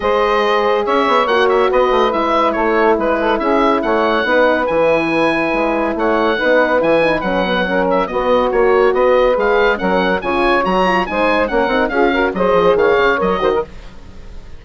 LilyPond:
<<
  \new Staff \with { instrumentName = "oboe" } { \time 4/4 \tempo 4 = 141 dis''2 e''4 fis''8 e''8 | dis''4 e''4 cis''4 b'4 | e''4 fis''2 gis''4~ | gis''2 fis''2 |
gis''4 fis''4. e''8 dis''4 | cis''4 dis''4 f''4 fis''4 | gis''4 ais''4 gis''4 fis''4 | f''4 dis''4 f''4 dis''4 | }
  \new Staff \with { instrumentName = "saxophone" } { \time 4/4 c''2 cis''2 | b'2 a'4 b'8 a'8 | gis'4 cis''4 b'2~ | b'2 cis''4 b'4~ |
b'2 ais'4 fis'4~ | fis'4 b'2 ais'4 | cis''2 c''4 ais'4 | gis'8 ais'8 c''4 cis''4. c''16 ais'16 | }
  \new Staff \with { instrumentName = "horn" } { \time 4/4 gis'2. fis'4~ | fis'4 e'2.~ | e'2 dis'4 e'4~ | e'2. dis'4 |
e'8 dis'8 cis'8 b8 cis'4 b4 | fis'2 gis'4 cis'4 | f'4 fis'8 f'8 dis'4 cis'8 dis'8 | f'8 fis'8 gis'2 ais'8 fis'8 | }
  \new Staff \with { instrumentName = "bassoon" } { \time 4/4 gis2 cis'8 b8 ais4 | b8 a8 gis4 a4 gis4 | cis'4 a4 b4 e4~ | e4 gis4 a4 b4 |
e4 fis2 b4 | ais4 b4 gis4 fis4 | cis4 fis4 gis4 ais8 c'8 | cis'4 fis8 f8 dis8 cis8 fis8 dis8 | }
>>